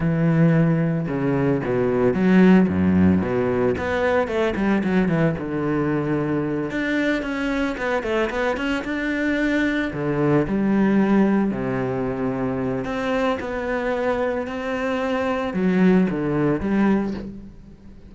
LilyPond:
\new Staff \with { instrumentName = "cello" } { \time 4/4 \tempo 4 = 112 e2 cis4 b,4 | fis4 fis,4 b,4 b4 | a8 g8 fis8 e8 d2~ | d8 d'4 cis'4 b8 a8 b8 |
cis'8 d'2 d4 g8~ | g4. c2~ c8 | c'4 b2 c'4~ | c'4 fis4 d4 g4 | }